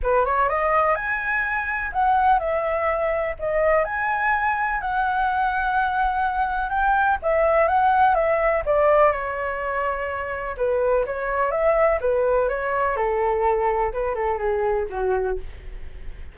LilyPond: \new Staff \with { instrumentName = "flute" } { \time 4/4 \tempo 4 = 125 b'8 cis''8 dis''4 gis''2 | fis''4 e''2 dis''4 | gis''2 fis''2~ | fis''2 g''4 e''4 |
fis''4 e''4 d''4 cis''4~ | cis''2 b'4 cis''4 | e''4 b'4 cis''4 a'4~ | a'4 b'8 a'8 gis'4 fis'4 | }